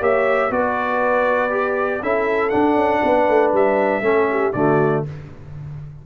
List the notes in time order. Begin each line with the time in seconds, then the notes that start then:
0.00 A#3 G4 C#5 E5
0.50 B3 F#4 B4 D5
1.50 G4
2.02 C#4 E4 A4 E5
2.50 D4 F#5
2.76 C#4
3.02 B3 B4
3.29 A3
3.53 G3 E5
4.02 A3 C#4 A4
4.31 G4
4.53 D3 A3 F#4 D5